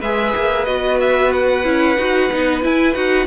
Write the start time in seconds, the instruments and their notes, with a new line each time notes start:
0.00 cello G#3, viola G#4, violin B4 E5
0.36 cello A#3
0.65 cello B3, viola F#4, violin D#5
1.00 violin E5
1.32 violin F#5
1.64 cello C#4, viola E4
1.97 cello D#4, viola F#4
2.31 cello B3, viola D#4
2.62 viola E4, cello E4, violin G#5
2.94 cello D#4, viola F#4, violin F#5